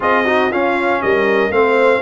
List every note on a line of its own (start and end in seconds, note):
0.00 0.51 C4
0.00 0.24 F4
0.00 0.24 G#4
0.00 0.52 D#5
0.24 0.51 D#4
0.24 0.50 F#4
0.50 1.02 C#4
0.50 1.51 C#4
0.50 1.01 F4
0.50 1.02 F5
1.02 1.49 G3
1.02 1.53 A#4
1.02 1.51 D#5
1.49 2.00 A3
1.49 2.02 C4
1.49 2.02 C5
1.49 2.02 F5